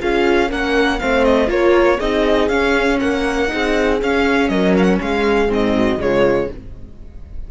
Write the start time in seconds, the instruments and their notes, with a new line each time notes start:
0.00 cello C#4, viola F4, horn G#4, violin F5
0.49 cello A#3, viola C#4, horn A#4, violin F#5
1.00 cello A3, viola C4, horn C5, violin F5
1.25 violin D#5
1.48 cello A#3, viola F4, horn A#4, violin C#5
1.98 cello C4, viola D#4, horn G#4, violin D#5
2.49 cello C#4, viola C#4, violin F5
3.01 cello A#3, horn A#4, violin F#5
3.48 cello C4, viola D#4, horn G#4
4.02 cello C#4, viola C#4, violin F5
4.49 cello F#3, horn A#4, violin D#5
4.78 violin F5
4.84 violin F#5
5.02 cello G#3, horn G#4, violin F5
5.48 cello G#2, viola C4, violin D#5
5.76 horn F#4
5.99 cello C#3, viola G#3, horn F4, violin C#5